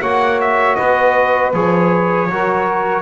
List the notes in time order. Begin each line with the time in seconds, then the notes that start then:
0.00 A#3 F#4 C#5 F#5
0.40 E5
0.75 B3 B4 D#5
1.53 F3 G#4 C#5
2.29 F#3 F#4 A#4